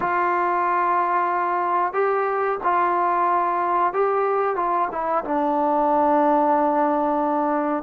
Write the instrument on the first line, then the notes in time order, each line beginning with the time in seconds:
trombone
0.00 F4
1.93 G4
2.63 F4
3.93 G4
4.55 F4
4.91 E4
5.24 D4